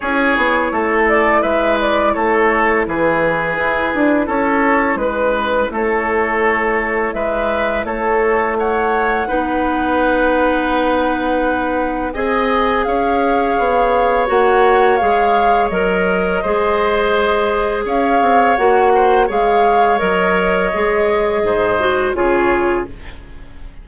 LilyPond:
<<
  \new Staff \with { instrumentName = "flute" } { \time 4/4 \tempo 4 = 84 cis''4. d''8 e''8 d''8 cis''4 | b'2 cis''4 b'4 | cis''2 e''4 cis''4 | fis''1~ |
fis''4 gis''4 f''2 | fis''4 f''4 dis''2~ | dis''4 f''4 fis''4 f''4 | dis''2. cis''4 | }
  \new Staff \with { instrumentName = "oboe" } { \time 4/4 gis'4 a'4 b'4 a'4 | gis'2 a'4 b'4 | a'2 b'4 a'4 | cis''4 b'2.~ |
b'4 dis''4 cis''2~ | cis''2. c''4~ | c''4 cis''4. c''8 cis''4~ | cis''2 c''4 gis'4 | }
  \new Staff \with { instrumentName = "clarinet" } { \time 4/4 e'1~ | e'1~ | e'1~ | e'4 dis'2.~ |
dis'4 gis'2. | fis'4 gis'4 ais'4 gis'4~ | gis'2 fis'4 gis'4 | ais'4 gis'4. fis'8 f'4 | }
  \new Staff \with { instrumentName = "bassoon" } { \time 4/4 cis'8 b8 a4 gis4 a4 | e4 e'8 d'8 cis'4 gis4 | a2 gis4 a4~ | a4 b2.~ |
b4 c'4 cis'4 b4 | ais4 gis4 fis4 gis4~ | gis4 cis'8 c'8 ais4 gis4 | fis4 gis4 gis,4 cis4 | }
>>